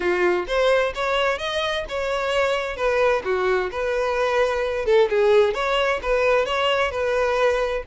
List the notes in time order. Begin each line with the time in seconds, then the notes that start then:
0.00 F4
0.47 C5
0.95 C#5
1.38 D#5
1.88 C#5
2.76 B4
3.24 F#4
3.71 B4
4.85 A4
5.09 G#4
5.54 C#5
6.02 B4
6.45 C#5
6.91 B4